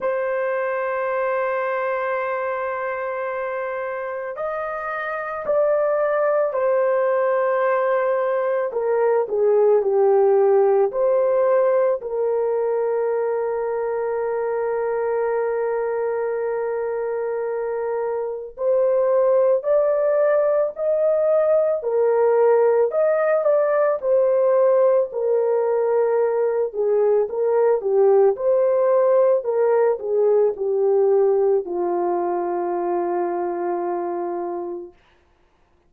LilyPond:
\new Staff \with { instrumentName = "horn" } { \time 4/4 \tempo 4 = 55 c''1 | dis''4 d''4 c''2 | ais'8 gis'8 g'4 c''4 ais'4~ | ais'1~ |
ais'4 c''4 d''4 dis''4 | ais'4 dis''8 d''8 c''4 ais'4~ | ais'8 gis'8 ais'8 g'8 c''4 ais'8 gis'8 | g'4 f'2. | }